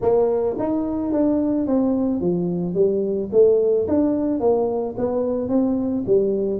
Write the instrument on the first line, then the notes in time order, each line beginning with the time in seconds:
tuba
0.01 A#3
0.59 D#4
1.12 D4
1.66 C4
2.20 F3
2.74 G3
3.32 A3
3.88 D4
4.40 A#3
4.97 B3
5.48 C4
6.06 G3